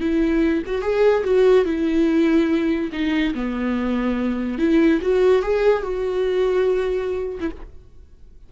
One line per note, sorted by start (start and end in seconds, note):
0.00 0.62 E4
0.66 0.81 F#4
0.81 1.23 G#4
1.24 1.65 F#4
1.65 2.90 E4
2.92 3.34 D#4
3.34 4.58 B3
4.58 5.00 E4
5.01 5.42 F#4
5.42 5.82 G#4
5.82 7.39 F#4
7.40 7.50 E4